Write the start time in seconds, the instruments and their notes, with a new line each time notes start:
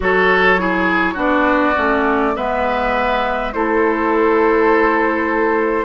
0.00 bassoon F#3, clarinet F#4, oboe A4, flute C#5
0.58 clarinet E4, oboe G#4
1.14 bassoon B3, clarinet D4, oboe F#4, flute D5
1.76 bassoon A3, clarinet C#4
2.35 bassoon G#3, clarinet B3, oboe B4, flute E5
3.52 bassoon A3, clarinet E4, oboe A4, flute C5